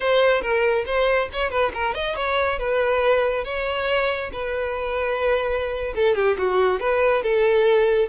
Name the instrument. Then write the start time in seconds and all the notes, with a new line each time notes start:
violin
0.00 C5
0.41 A#4
0.86 C5
1.32 C#5
1.50 B4
1.74 A#4
1.94 D#5
2.15 C#5
2.59 B4
3.44 C#5
4.32 B4
5.95 A4
6.15 G4
6.37 F#4
6.80 B4
7.22 A4